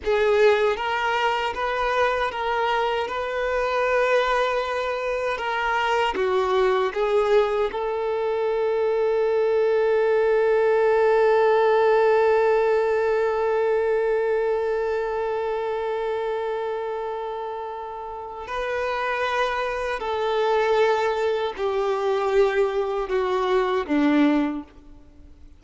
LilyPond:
\new Staff \with { instrumentName = "violin" } { \time 4/4 \tempo 4 = 78 gis'4 ais'4 b'4 ais'4 | b'2. ais'4 | fis'4 gis'4 a'2~ | a'1~ |
a'1~ | a'1 | b'2 a'2 | g'2 fis'4 d'4 | }